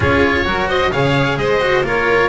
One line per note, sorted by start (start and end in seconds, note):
0.00 0.45 C#4
0.00 0.45 F4
0.00 0.43 G#4
0.00 0.69 C#5
0.45 0.91 F#3
0.45 0.91 F#4
0.45 0.68 A#4
0.68 0.91 C5
0.68 0.92 D#5
0.92 1.37 C#3
0.92 1.60 G#4
0.92 1.38 C#5
0.92 1.38 F5
1.37 1.82 G#3
1.37 1.85 C5
1.37 1.84 D#5
1.60 1.83 F#4
1.82 2.28 A#3
1.82 2.29 F4
1.82 2.29 A#4
1.82 2.29 C#5